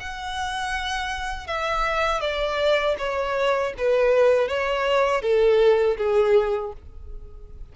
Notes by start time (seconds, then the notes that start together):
0.00 F#5
1.47 E5
2.21 D5
2.98 C#5
3.78 B4
4.48 C#5
5.22 A4
5.97 G#4